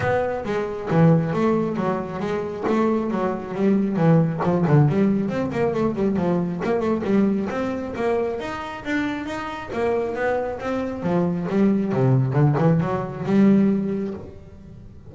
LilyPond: \new Staff \with { instrumentName = "double bass" } { \time 4/4 \tempo 4 = 136 b4 gis4 e4 a4 | fis4 gis4 a4 fis4 | g4 e4 f8 d8 g4 | c'8 ais8 a8 g8 f4 ais8 a8 |
g4 c'4 ais4 dis'4 | d'4 dis'4 ais4 b4 | c'4 f4 g4 c4 | d8 e8 fis4 g2 | }